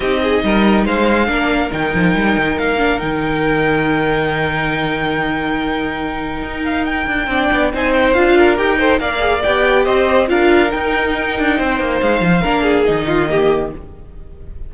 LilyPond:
<<
  \new Staff \with { instrumentName = "violin" } { \time 4/4 \tempo 4 = 140 dis''2 f''2 | g''2 f''4 g''4~ | g''1~ | g''2.~ g''8 f''8 |
g''2 gis''8 g''8 f''4 | g''4 f''4 g''4 dis''4 | f''4 g''2. | f''2 dis''2 | }
  \new Staff \with { instrumentName = "violin" } { \time 4/4 g'8 gis'8 ais'4 c''4 ais'4~ | ais'1~ | ais'1~ | ais'1~ |
ais'4 d''4 c''4. ais'8~ | ais'8 c''8 d''2 c''4 | ais'2. c''4~ | c''4 ais'8 gis'4 f'8 g'4 | }
  \new Staff \with { instrumentName = "viola" } { \time 4/4 dis'2. d'4 | dis'2~ dis'8 d'8 dis'4~ | dis'1~ | dis'1~ |
dis'4 d'4 dis'4 f'4 | g'8 a'8 ais'8 gis'8 g'2 | f'4 dis'2.~ | dis'4 d'4 dis'4 ais4 | }
  \new Staff \with { instrumentName = "cello" } { \time 4/4 c'4 g4 gis4 ais4 | dis8 f8 g8 dis8 ais4 dis4~ | dis1~ | dis2. dis'4~ |
dis'8 d'8 c'8 b8 c'4 d'4 | dis'4 ais4 b4 c'4 | d'4 dis'4. d'8 c'8 ais8 | gis8 f8 ais4 dis2 | }
>>